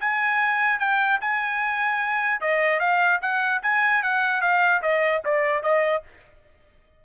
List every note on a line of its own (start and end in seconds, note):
0.00 0.79 G#5
0.79 1.20 G5
1.21 2.41 G#5
2.41 2.80 D#5
2.80 3.20 F5
3.22 3.62 F#5
3.63 4.03 G#5
4.03 4.41 F#5
4.41 4.82 F5
4.82 5.23 D#5
5.25 5.63 D5
5.63 6.03 D#5